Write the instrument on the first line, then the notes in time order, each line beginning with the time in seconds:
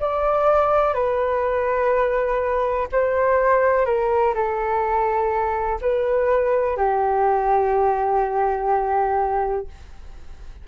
flute
0.00 D5
0.94 B4
2.92 C5
3.86 A#4
4.35 A4
5.82 B4
6.77 G4